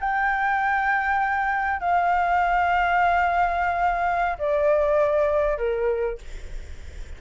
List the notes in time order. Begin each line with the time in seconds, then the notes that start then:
0.00 G5
1.80 F5
4.39 D5
5.58 A#4